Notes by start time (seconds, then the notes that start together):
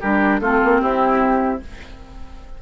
0.00 G3 D4 G4 A#4
0.40 A3 C4 F4 A4
0.64 A#3
0.80 C4 E4 G4